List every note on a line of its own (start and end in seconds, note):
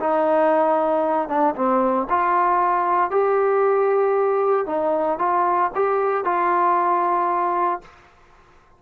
0.00 1.29 D#4
1.29 1.55 D4
1.55 2.08 C4
2.10 3.10 F4
3.10 4.66 G4
4.66 5.19 D#4
5.19 5.71 F4
5.75 6.25 G4
6.25 7.81 F4